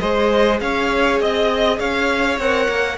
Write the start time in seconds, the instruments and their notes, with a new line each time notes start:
0.00 cello G#3, viola G#4, violin C5 D#5
0.60 cello C#4, violin C#5 F5
1.20 cello C4, violin D#5
1.79 cello C#4, violin C#5 F5
2.38 cello C4, viola A#4, violin F#5
2.69 cello A#3